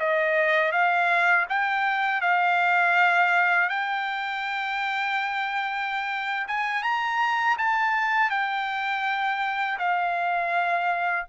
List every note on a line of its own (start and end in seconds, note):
0.00 0.72 D#5
0.72 1.46 F5
1.50 2.22 G5
2.22 3.70 F5
3.70 6.47 G5
6.48 6.83 G#5
6.83 7.57 A#5
7.59 8.30 A5
8.30 9.78 G5
9.79 11.27 F5